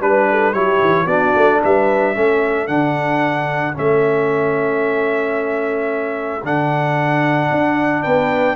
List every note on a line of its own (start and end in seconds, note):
0.00 0.54 G3
0.00 0.54 D4
0.00 0.28 B4
0.00 0.53 B4
0.31 0.54 A4
0.53 0.80 F#3
0.53 1.07 E4
0.53 1.05 G4
0.53 1.07 C#5
0.81 1.06 E3
1.05 1.33 B3
1.05 2.14 D4
1.05 1.59 F#4
1.05 1.60 D5
1.35 1.62 A3
1.63 2.16 G3
1.63 2.16 B4
1.63 2.67 E5
2.14 2.68 A3
2.14 2.68 C#4
2.14 8.03 A4
2.67 3.76 D3
2.67 3.73 D4
2.67 3.74 F#5
3.73 6.43 A3
3.73 6.41 C#4
3.73 6.45 E5
6.43 7.50 D3
6.43 8.56 D4
6.43 8.03 F#5
7.51 8.05 D4
8.03 8.56 B3
8.03 8.56 B4
8.03 8.56 G5